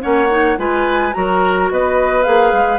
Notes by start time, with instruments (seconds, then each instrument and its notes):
0.00 bassoon A#3, clarinet C#4, oboe C#5, flute F#5
0.30 clarinet D#4
0.57 bassoon G#3, clarinet F4, oboe B4, flute G#5
1.13 bassoon F#3, clarinet F#4, oboe A#4, flute A#5
1.71 bassoon B3, oboe B4, flute D#5
2.23 bassoon A#3, clarinet G#4, flute F5
2.53 bassoon G#3